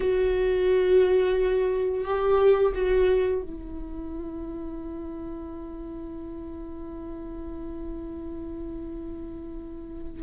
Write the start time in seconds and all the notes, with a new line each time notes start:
0.00 F#4
2.04 G4
2.74 F#4
3.42 E4